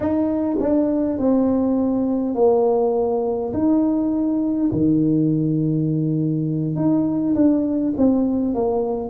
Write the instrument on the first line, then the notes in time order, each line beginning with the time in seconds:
tuba
0.00 D#4
0.59 D4
1.18 C4
2.35 A#3
3.53 D#4
4.72 D#3
6.75 D#4
7.34 D4
7.97 C4
8.54 A#3